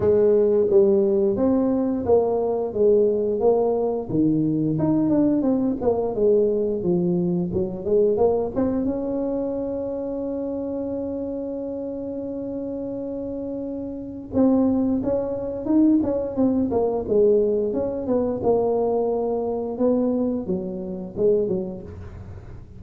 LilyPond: \new Staff \with { instrumentName = "tuba" } { \time 4/4 \tempo 4 = 88 gis4 g4 c'4 ais4 | gis4 ais4 dis4 dis'8 d'8 | c'8 ais8 gis4 f4 fis8 gis8 | ais8 c'8 cis'2.~ |
cis'1~ | cis'4 c'4 cis'4 dis'8 cis'8 | c'8 ais8 gis4 cis'8 b8 ais4~ | ais4 b4 fis4 gis8 fis8 | }